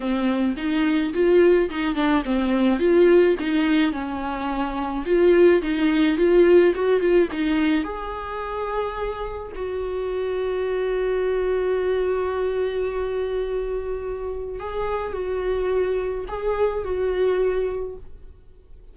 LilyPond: \new Staff \with { instrumentName = "viola" } { \time 4/4 \tempo 4 = 107 c'4 dis'4 f'4 dis'8 d'8 | c'4 f'4 dis'4 cis'4~ | cis'4 f'4 dis'4 f'4 | fis'8 f'8 dis'4 gis'2~ |
gis'4 fis'2.~ | fis'1~ | fis'2 gis'4 fis'4~ | fis'4 gis'4 fis'2 | }